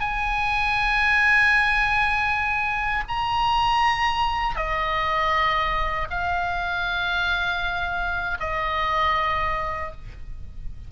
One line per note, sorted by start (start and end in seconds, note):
0.00 3.04 G#5
3.08 4.56 A#5
4.56 6.08 D#5
6.10 8.38 F5
8.40 9.92 D#5